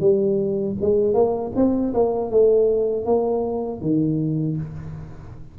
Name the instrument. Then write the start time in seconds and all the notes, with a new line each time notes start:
tuba
0.00 G3
0.81 G#3
1.14 A#3
1.56 C4
1.94 A#3
2.30 A3
3.05 A#3
3.81 D#3